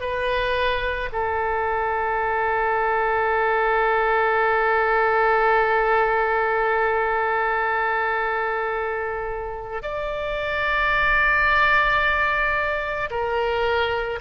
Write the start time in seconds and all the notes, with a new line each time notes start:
0.00 B4
1.13 A4
9.82 D5
13.10 A#4